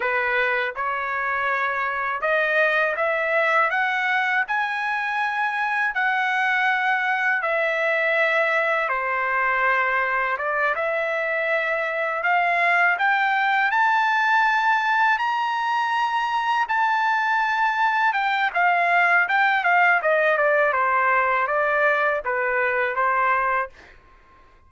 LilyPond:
\new Staff \with { instrumentName = "trumpet" } { \time 4/4 \tempo 4 = 81 b'4 cis''2 dis''4 | e''4 fis''4 gis''2 | fis''2 e''2 | c''2 d''8 e''4.~ |
e''8 f''4 g''4 a''4.~ | a''8 ais''2 a''4.~ | a''8 g''8 f''4 g''8 f''8 dis''8 d''8 | c''4 d''4 b'4 c''4 | }